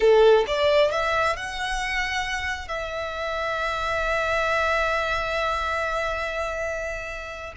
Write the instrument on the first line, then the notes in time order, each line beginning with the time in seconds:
violin
0.00 A4
0.47 D5
0.91 E5
1.36 F#5
2.68 E5